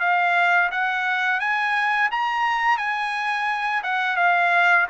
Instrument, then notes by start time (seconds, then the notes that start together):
trumpet
0.00 F5
0.71 F#5
1.40 G#5
2.11 A#5
2.77 G#5
3.83 F#5
4.16 F5